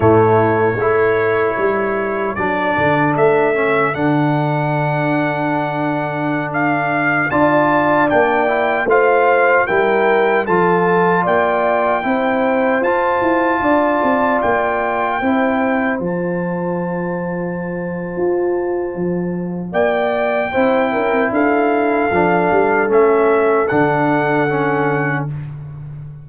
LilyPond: <<
  \new Staff \with { instrumentName = "trumpet" } { \time 4/4 \tempo 4 = 76 cis''2. d''4 | e''4 fis''2.~ | fis''16 f''4 a''4 g''4 f''8.~ | f''16 g''4 a''4 g''4.~ g''16~ |
g''16 a''2 g''4.~ g''16~ | g''16 a''2.~ a''8.~ | a''4 g''2 f''4~ | f''4 e''4 fis''2 | }
  \new Staff \with { instrumentName = "horn" } { \time 4/4 e'4 a'2.~ | a'1~ | a'4~ a'16 d''2 c''8.~ | c''16 ais'4 a'4 d''4 c''8.~ |
c''4~ c''16 d''2 c''8.~ | c''1~ | c''4 d''4 c''8 ais'8 a'4~ | a'1 | }
  \new Staff \with { instrumentName = "trombone" } { \time 4/4 a4 e'2 d'4~ | d'8 cis'8 d'2.~ | d'4~ d'16 f'4 d'8 e'8 f'8.~ | f'16 e'4 f'2 e'8.~ |
e'16 f'2. e'8.~ | e'16 f'2.~ f'8.~ | f'2 e'2 | d'4 cis'4 d'4 cis'4 | }
  \new Staff \with { instrumentName = "tuba" } { \time 4/4 a,4 a4 g4 fis8 d8 | a4 d2.~ | d4~ d16 d'4 ais4 a8.~ | a16 g4 f4 ais4 c'8.~ |
c'16 f'8 e'8 d'8 c'8 ais4 c'8.~ | c'16 f2~ f8. f'4 | f4 ais4 c'8 cis'16 c'16 d'4 | f8 g8 a4 d2 | }
>>